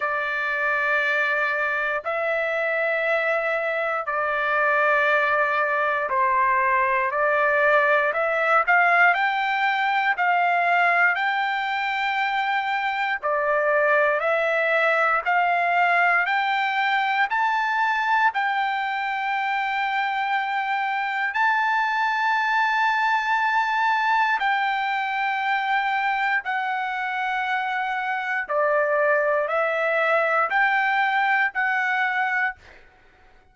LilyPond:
\new Staff \with { instrumentName = "trumpet" } { \time 4/4 \tempo 4 = 59 d''2 e''2 | d''2 c''4 d''4 | e''8 f''8 g''4 f''4 g''4~ | g''4 d''4 e''4 f''4 |
g''4 a''4 g''2~ | g''4 a''2. | g''2 fis''2 | d''4 e''4 g''4 fis''4 | }